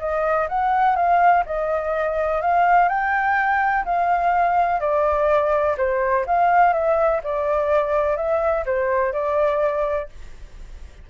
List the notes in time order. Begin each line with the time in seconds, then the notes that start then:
0.00 D#5
0.49 F#5
0.96 F5
1.46 D#5
2.42 F5
2.89 G5
3.85 F5
4.80 D5
5.78 C5
6.26 F5
6.73 E5
7.24 D5
8.17 E5
8.66 C5
9.13 D5